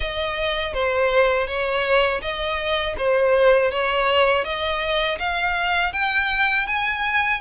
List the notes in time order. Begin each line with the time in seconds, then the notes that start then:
0.00 D#5
0.73 C5
1.46 C#5
2.21 D#5
2.97 C5
3.71 C#5
4.44 D#5
5.18 F5
5.93 G5
6.66 G#5